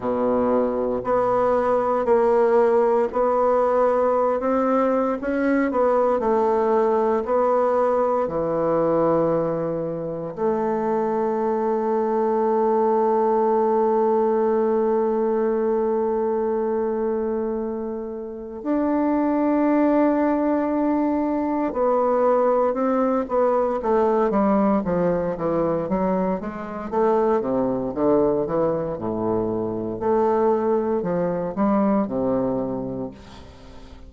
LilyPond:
\new Staff \with { instrumentName = "bassoon" } { \time 4/4 \tempo 4 = 58 b,4 b4 ais4 b4~ | b16 c'8. cis'8 b8 a4 b4 | e2 a2~ | a1~ |
a2 d'2~ | d'4 b4 c'8 b8 a8 g8 | f8 e8 fis8 gis8 a8 c8 d8 e8 | a,4 a4 f8 g8 c4 | }